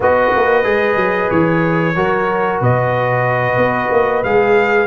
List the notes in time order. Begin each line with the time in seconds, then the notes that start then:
0.00 B3 F#4 B4 D#5
0.35 A#3
0.63 G#3 G#4
0.96 F#3
1.30 E3 C#5
1.95 F#3 F#4 A#4
2.60 B2 B4 D#5
3.56 B3
3.91 A#3
4.23 G#3 G#4 F5